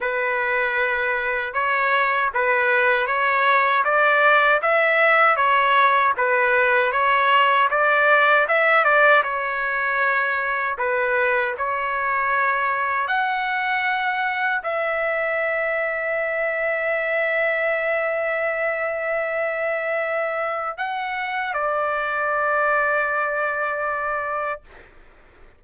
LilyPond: \new Staff \with { instrumentName = "trumpet" } { \time 4/4 \tempo 4 = 78 b'2 cis''4 b'4 | cis''4 d''4 e''4 cis''4 | b'4 cis''4 d''4 e''8 d''8 | cis''2 b'4 cis''4~ |
cis''4 fis''2 e''4~ | e''1~ | e''2. fis''4 | d''1 | }